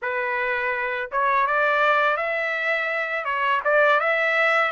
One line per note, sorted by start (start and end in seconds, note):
0.02 1.10 B4
1.11 1.46 C#5
1.46 2.17 D5
2.17 3.24 E5
3.24 3.60 C#5
3.64 4.00 D5
4.00 4.72 E5